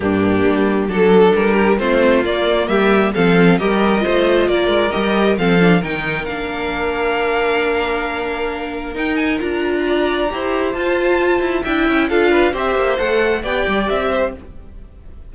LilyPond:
<<
  \new Staff \with { instrumentName = "violin" } { \time 4/4 \tempo 4 = 134 g'2 a'4 ais'4 | c''4 d''4 e''4 f''4 | dis''2 d''4 dis''4 | f''4 g''4 f''2~ |
f''1 | g''8 gis''8 ais''2. | a''2 g''4 f''4 | e''4 fis''4 g''4 e''4 | }
  \new Staff \with { instrumentName = "violin" } { \time 4/4 d'2 a'4. g'8 | f'2 g'4 a'4 | ais'4 c''4 ais'2 | a'4 ais'2.~ |
ais'1~ | ais'2 d''4 c''4~ | c''2 e''4 a'8 b'8 | c''2 d''4. c''8 | }
  \new Staff \with { instrumentName = "viola" } { \time 4/4 ais2 d'2 | c'4 ais2 c'4 | g'4 f'2 g'4 | c'8 d'8 dis'4 d'2~ |
d'1 | dis'4 f'2 g'4 | f'2 e'4 f'4 | g'4 a'4 g'2 | }
  \new Staff \with { instrumentName = "cello" } { \time 4/4 g,4 g4 fis4 g4 | a4 ais4 g4 f4 | g4 a4 ais8 gis8 g4 | f4 dis4 ais2~ |
ais1 | dis'4 d'2 e'4 | f'4. e'8 d'8 cis'8 d'4 | c'8 ais8 a4 b8 g8 c'4 | }
>>